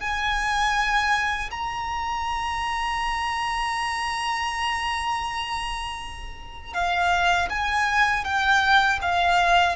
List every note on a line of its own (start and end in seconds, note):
0.00 1.50 G#5
1.51 6.74 A#5
6.74 7.49 F5
7.50 8.24 G#5
8.24 8.99 G5
9.02 9.75 F5